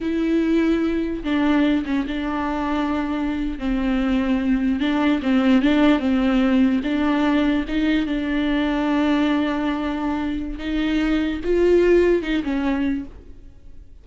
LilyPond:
\new Staff \with { instrumentName = "viola" } { \time 4/4 \tempo 4 = 147 e'2. d'4~ | d'8 cis'8 d'2.~ | d'8. c'2. d'16~ | d'8. c'4 d'4 c'4~ c'16~ |
c'8. d'2 dis'4 d'16~ | d'1~ | d'2 dis'2 | f'2 dis'8 cis'4. | }